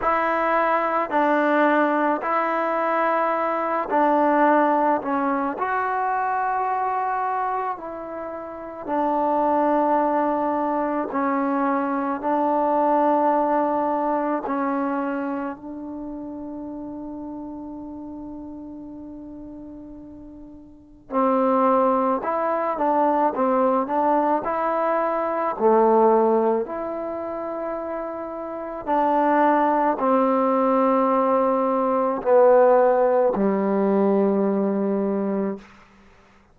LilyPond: \new Staff \with { instrumentName = "trombone" } { \time 4/4 \tempo 4 = 54 e'4 d'4 e'4. d'8~ | d'8 cis'8 fis'2 e'4 | d'2 cis'4 d'4~ | d'4 cis'4 d'2~ |
d'2. c'4 | e'8 d'8 c'8 d'8 e'4 a4 | e'2 d'4 c'4~ | c'4 b4 g2 | }